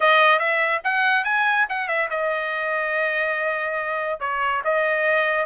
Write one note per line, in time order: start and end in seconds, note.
0.00 0.39 D#5
0.39 0.81 E5
0.84 1.24 F#5
1.24 1.66 G#5
1.69 1.87 F#5
1.87 2.08 E5
2.10 4.20 D#5
4.20 4.62 C#5
4.64 5.45 D#5